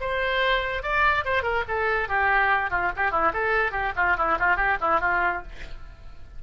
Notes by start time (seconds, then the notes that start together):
0.00 C5
0.82 D5
1.25 C5
1.43 A#4
1.68 A4
2.08 G4
2.70 F4
2.96 G4
3.11 E4
3.33 A4
3.71 G4
3.96 F4
4.17 E4
4.39 F4
4.56 G4
4.80 E4
5.00 F4